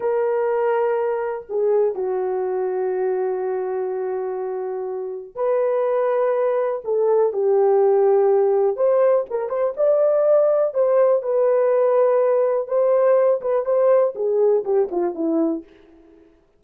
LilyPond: \new Staff \with { instrumentName = "horn" } { \time 4/4 \tempo 4 = 123 ais'2. gis'4 | fis'1~ | fis'2. b'4~ | b'2 a'4 g'4~ |
g'2 c''4 ais'8 c''8 | d''2 c''4 b'4~ | b'2 c''4. b'8 | c''4 gis'4 g'8 f'8 e'4 | }